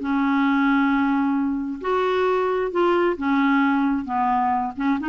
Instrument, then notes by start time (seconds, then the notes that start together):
clarinet
0.00 C#4
1.81 F#4
2.71 F4
3.17 C#4
4.05 B3
4.77 C#4
5.00 D#4